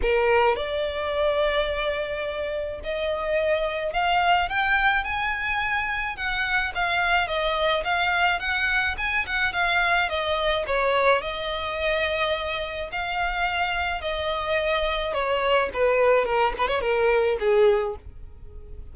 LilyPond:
\new Staff \with { instrumentName = "violin" } { \time 4/4 \tempo 4 = 107 ais'4 d''2.~ | d''4 dis''2 f''4 | g''4 gis''2 fis''4 | f''4 dis''4 f''4 fis''4 |
gis''8 fis''8 f''4 dis''4 cis''4 | dis''2. f''4~ | f''4 dis''2 cis''4 | b'4 ais'8 b'16 cis''16 ais'4 gis'4 | }